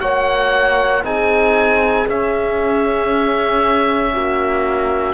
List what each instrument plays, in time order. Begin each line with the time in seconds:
0.00 cello A#3, trombone F#4, horn C#5, oboe F#5
1.03 cello C4, trombone D#4, horn G#4, oboe G#5
2.07 trombone C#4, cello C#4, oboe E5
4.14 cello A#3, horn F#4